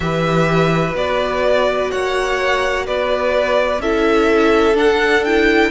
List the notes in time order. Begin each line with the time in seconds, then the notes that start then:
0.00 E3 G4 B4 E5
0.92 B3 F#4 D5
1.90 A#3 C#5 F#5
2.86 B3 B4 D5
3.79 C#4 E4 A4 E5
4.74 D4 F#5
5.24 E4 G5